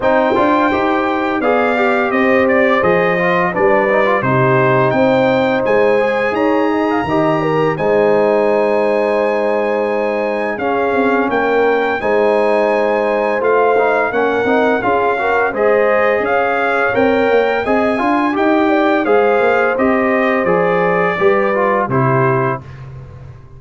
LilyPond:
<<
  \new Staff \with { instrumentName = "trumpet" } { \time 4/4 \tempo 4 = 85 g''2 f''4 dis''8 d''8 | dis''4 d''4 c''4 g''4 | gis''4 ais''2 gis''4~ | gis''2. f''4 |
g''4 gis''2 f''4 | fis''4 f''4 dis''4 f''4 | g''4 gis''4 g''4 f''4 | dis''4 d''2 c''4 | }
  \new Staff \with { instrumentName = "horn" } { \time 4/4 c''2 d''4 c''4~ | c''4 b'4 g'4 c''4~ | c''4 cis''8 dis''16 f''16 dis''8 ais'8 c''4~ | c''2. gis'4 |
ais'4 c''2. | ais'4 gis'8 ais'8 c''4 cis''4~ | cis''4 dis''8 f''8 dis''8 d''8 c''4~ | c''2 b'4 g'4 | }
  \new Staff \with { instrumentName = "trombone" } { \time 4/4 dis'8 f'8 g'4 gis'8 g'4. | gis'8 f'8 d'8 dis'16 f'16 dis'2~ | dis'8 gis'4. g'4 dis'4~ | dis'2. cis'4~ |
cis'4 dis'2 f'8 dis'8 | cis'8 dis'8 f'8 fis'8 gis'2 | ais'4 gis'8 f'8 g'4 gis'4 | g'4 gis'4 g'8 f'8 e'4 | }
  \new Staff \with { instrumentName = "tuba" } { \time 4/4 c'8 d'8 dis'4 b4 c'4 | f4 g4 c4 c'4 | gis4 dis'4 dis4 gis4~ | gis2. cis'8 c'8 |
ais4 gis2 a4 | ais8 c'8 cis'4 gis4 cis'4 | c'8 ais8 c'8 d'8 dis'4 gis8 ais8 | c'4 f4 g4 c4 | }
>>